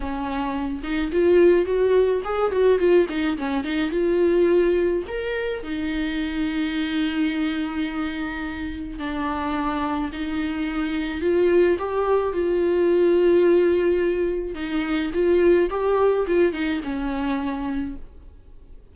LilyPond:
\new Staff \with { instrumentName = "viola" } { \time 4/4 \tempo 4 = 107 cis'4. dis'8 f'4 fis'4 | gis'8 fis'8 f'8 dis'8 cis'8 dis'8 f'4~ | f'4 ais'4 dis'2~ | dis'1 |
d'2 dis'2 | f'4 g'4 f'2~ | f'2 dis'4 f'4 | g'4 f'8 dis'8 cis'2 | }